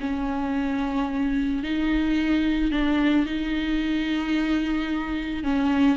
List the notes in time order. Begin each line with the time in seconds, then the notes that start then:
0.00 C#4
1.63 D#4
2.71 D4
3.26 D#4
5.43 C#4